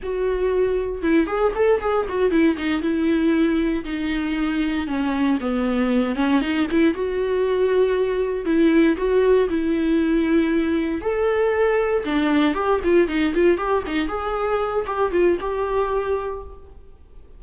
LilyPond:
\new Staff \with { instrumentName = "viola" } { \time 4/4 \tempo 4 = 117 fis'2 e'8 gis'8 a'8 gis'8 | fis'8 e'8 dis'8 e'2 dis'8~ | dis'4. cis'4 b4. | cis'8 dis'8 e'8 fis'2~ fis'8~ |
fis'8 e'4 fis'4 e'4.~ | e'4. a'2 d'8~ | d'8 g'8 f'8 dis'8 f'8 g'8 dis'8 gis'8~ | gis'4 g'8 f'8 g'2 | }